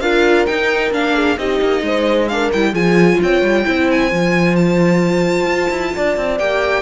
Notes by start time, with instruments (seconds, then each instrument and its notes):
0.00 cello D4, viola F4, horn A#4, violin F5
0.46 viola D#4, cello D#4, violin G5
0.90 cello A#3, viola D4, violin F5
1.14 horn G#4
1.37 cello C4, viola D#4, horn G4, violin D#5
1.61 cello A#3
1.81 cello G#3, horn C5
2.28 viola D4, horn A#4, violin F5
2.52 cello G3, viola E4, violin G5
2.71 cello F3, viola F4, horn G#4, violin G#5
3.21 cello C4, horn C#5, violin G5
3.41 cello G3
3.64 cello C4, viola E4, horn C5
3.90 violin G#5
4.10 cello F3, viola F4
4.55 violin A5
5.46 cello F4
5.70 cello E4
5.95 cello D4, horn D5
6.17 cello C4
6.38 cello A#3, viola G4, violin G5